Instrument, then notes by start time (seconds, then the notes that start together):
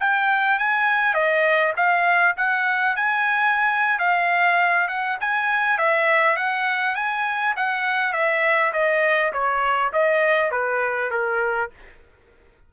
trumpet
0.00 G5
0.59 G#5
1.14 D#5
1.76 F5
2.37 F#5
2.96 G#5
3.99 F5
4.88 F#5
5.20 G#5
5.78 E5
6.36 F#5
6.95 G#5
7.56 F#5
8.13 E5
8.73 D#5
9.33 C#5
9.93 D#5
10.51 B4
11.11 A#4